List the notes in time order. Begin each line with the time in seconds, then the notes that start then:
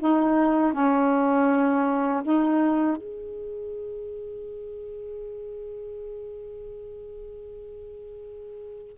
0.00 D#4
0.73 C#4
2.23 D#4
2.97 G#4